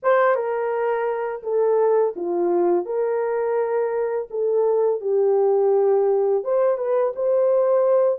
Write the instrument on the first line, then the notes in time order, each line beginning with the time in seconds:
horn
0.03 C5
0.35 A#4
1.43 A4
2.16 F4
2.85 A#4
4.30 A4
5.01 G4
6.44 C5
6.77 B4
7.15 C5